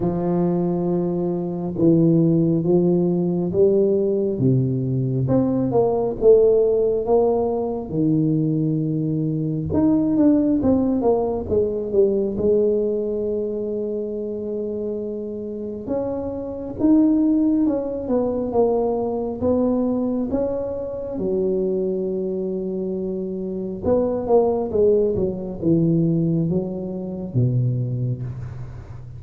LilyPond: \new Staff \with { instrumentName = "tuba" } { \time 4/4 \tempo 4 = 68 f2 e4 f4 | g4 c4 c'8 ais8 a4 | ais4 dis2 dis'8 d'8 | c'8 ais8 gis8 g8 gis2~ |
gis2 cis'4 dis'4 | cis'8 b8 ais4 b4 cis'4 | fis2. b8 ais8 | gis8 fis8 e4 fis4 b,4 | }